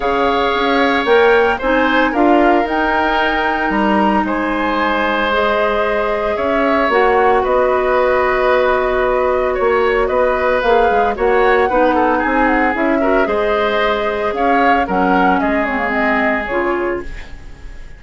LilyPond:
<<
  \new Staff \with { instrumentName = "flute" } { \time 4/4 \tempo 4 = 113 f''2 g''4 gis''4 | f''4 g''2 ais''4 | gis''2 dis''2 | e''4 fis''4 dis''2~ |
dis''2 cis''4 dis''4 | f''4 fis''2 gis''8 fis''8 | e''4 dis''2 f''4 | fis''4 dis''8 cis''8 dis''4 cis''4 | }
  \new Staff \with { instrumentName = "oboe" } { \time 4/4 cis''2. c''4 | ais'1 | c''1 | cis''2 b'2~ |
b'2 cis''4 b'4~ | b'4 cis''4 b'8 a'8 gis'4~ | gis'8 ais'8 c''2 cis''4 | ais'4 gis'2. | }
  \new Staff \with { instrumentName = "clarinet" } { \time 4/4 gis'2 ais'4 dis'4 | f'4 dis'2.~ | dis'2 gis'2~ | gis'4 fis'2.~ |
fis'1 | gis'4 fis'4 dis'2 | e'8 fis'8 gis'2. | cis'4. c'16 ais16 c'4 f'4 | }
  \new Staff \with { instrumentName = "bassoon" } { \time 4/4 cis4 cis'4 ais4 c'4 | d'4 dis'2 g4 | gis1 | cis'4 ais4 b2~ |
b2 ais4 b4 | ais8 gis8 ais4 b4 c'4 | cis'4 gis2 cis'4 | fis4 gis2 cis4 | }
>>